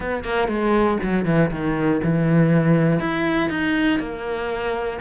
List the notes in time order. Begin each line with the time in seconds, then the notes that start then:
0.00 B3
0.24 A#3
0.48 G#3
1.02 F#3
1.25 E3
1.50 D#3
2.03 E3
2.99 E4
3.49 D#4
3.99 A#3